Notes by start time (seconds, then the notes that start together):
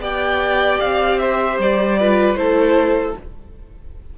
0.00 B3 G4 D5 G5
0.80 C4 F5
1.19 C5 E5
1.59 G3 D5
2.00 F4 B4
2.35 A3 E4 A4 C5